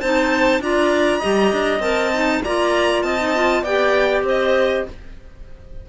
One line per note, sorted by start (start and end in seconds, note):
0.00 0.60 C4
0.00 0.61 D#4
0.00 0.61 C5
0.00 0.61 A5
0.60 1.21 D4
0.60 1.22 F4
0.60 1.18 D5
0.60 1.81 A#5
1.18 1.81 G4
1.18 2.39 D#5
1.24 1.53 G3
1.53 1.79 D4
1.79 2.40 C4
1.79 2.11 A#4
1.79 2.42 A5
2.14 2.44 D#4
2.44 3.03 A#3
2.44 3.19 F4
2.44 3.04 D5
2.44 3.03 A#5
3.03 3.64 C4
3.03 3.62 D#5
3.03 3.64 A5
3.19 3.34 D#4
3.35 3.65 F4
3.62 4.22 B3
3.62 4.88 G4
3.62 4.23 D5
3.62 4.25 G5
4.22 4.82 C4
4.22 4.85 C5
4.28 4.89 D#5